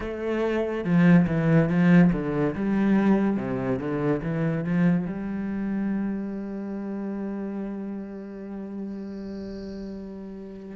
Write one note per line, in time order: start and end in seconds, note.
0.00 0.84 A3
0.84 1.26 F3
1.27 1.69 E3
1.69 2.11 F3
2.12 2.54 D3
2.55 3.36 G3
3.36 3.79 C3
3.79 4.21 D3
4.22 4.64 E3
4.64 5.06 F3
5.06 10.76 G3